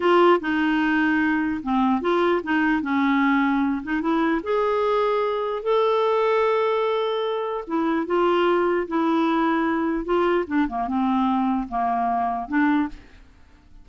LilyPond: \new Staff \with { instrumentName = "clarinet" } { \time 4/4 \tempo 4 = 149 f'4 dis'2. | c'4 f'4 dis'4 cis'4~ | cis'4. dis'8 e'4 gis'4~ | gis'2 a'2~ |
a'2. e'4 | f'2 e'2~ | e'4 f'4 d'8 ais8 c'4~ | c'4 ais2 d'4 | }